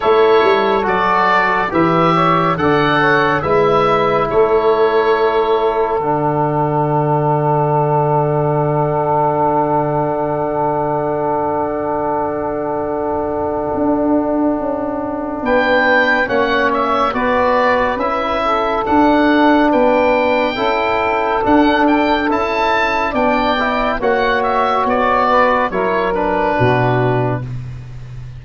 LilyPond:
<<
  \new Staff \with { instrumentName = "oboe" } { \time 4/4 \tempo 4 = 70 cis''4 d''4 e''4 fis''4 | e''4 cis''2 fis''4~ | fis''1~ | fis''1~ |
fis''2 g''4 fis''8 e''8 | d''4 e''4 fis''4 g''4~ | g''4 fis''8 g''8 a''4 g''4 | fis''8 e''8 d''4 cis''8 b'4. | }
  \new Staff \with { instrumentName = "saxophone" } { \time 4/4 a'2 b'8 cis''8 d''8 cis''8 | b'4 a'2.~ | a'1~ | a'1~ |
a'2 b'4 cis''4 | b'4. a'4. b'4 | a'2. d''4 | cis''4. b'8 ais'4 fis'4 | }
  \new Staff \with { instrumentName = "trombone" } { \time 4/4 e'4 fis'4 g'4 a'4 | e'2. d'4~ | d'1~ | d'1~ |
d'2. cis'4 | fis'4 e'4 d'2 | e'4 d'4 e'4 d'8 e'8 | fis'2 e'8 d'4. | }
  \new Staff \with { instrumentName = "tuba" } { \time 4/4 a8 g8 fis4 e4 d4 | gis4 a2 d4~ | d1~ | d1 |
d'4 cis'4 b4 ais4 | b4 cis'4 d'4 b4 | cis'4 d'4 cis'4 b4 | ais4 b4 fis4 b,4 | }
>>